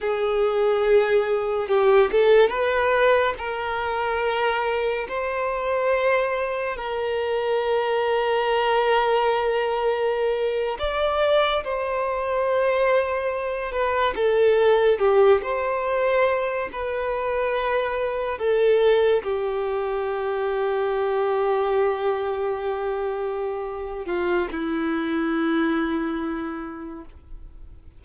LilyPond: \new Staff \with { instrumentName = "violin" } { \time 4/4 \tempo 4 = 71 gis'2 g'8 a'8 b'4 | ais'2 c''2 | ais'1~ | ais'8. d''4 c''2~ c''16~ |
c''16 b'8 a'4 g'8 c''4. b'16~ | b'4.~ b'16 a'4 g'4~ g'16~ | g'1~ | g'8 f'8 e'2. | }